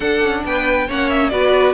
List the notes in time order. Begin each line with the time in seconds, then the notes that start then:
0.00 D4 A4 F#5
0.22 C#4
0.44 B3 B4 G5
0.87 A#3 C#4 C#5 F#5
1.09 E5
1.29 B3 F#4 B4 D5